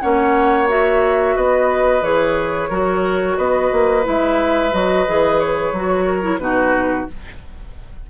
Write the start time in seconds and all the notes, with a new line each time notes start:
0.00 A#3 C#4 C#5 F#5
0.68 F#4 E5
1.35 B3 B4 D#5
2.02 E3 G#4 C#5
2.69 F#3 F#4 A#4
3.37 B3 B4 D#5
3.71 A#3
4.03 G#3 E4 E5
4.72 F#3 F#4 D#5
5.07 E3 G#4
5.40 C#5
5.72 F#3 F#4
6.05 A#4
6.21 E4
6.38 B2 D#4 F#4 B4